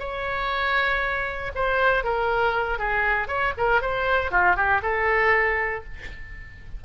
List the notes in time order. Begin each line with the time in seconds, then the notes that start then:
0.00 C#5
1.55 C5
2.04 A#4
2.79 G#4
3.28 C#5
3.58 A#4
3.82 C5
4.31 F4
4.56 G4
4.83 A4